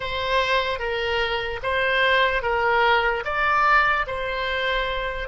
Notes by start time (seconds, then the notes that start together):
0.00 C5
0.79 A#4
1.62 C5
2.42 A#4
3.24 D5
4.07 C5